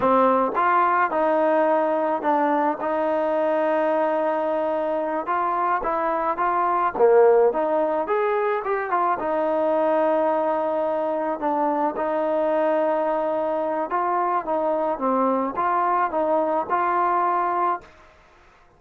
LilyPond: \new Staff \with { instrumentName = "trombone" } { \time 4/4 \tempo 4 = 108 c'4 f'4 dis'2 | d'4 dis'2.~ | dis'4. f'4 e'4 f'8~ | f'8 ais4 dis'4 gis'4 g'8 |
f'8 dis'2.~ dis'8~ | dis'8 d'4 dis'2~ dis'8~ | dis'4 f'4 dis'4 c'4 | f'4 dis'4 f'2 | }